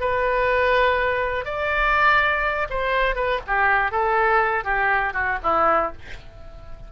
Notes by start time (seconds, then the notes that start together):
0.00 B4
1.45 D5
2.70 C5
3.15 B4
3.47 G4
3.91 A4
4.64 G4
5.13 F#4
5.43 E4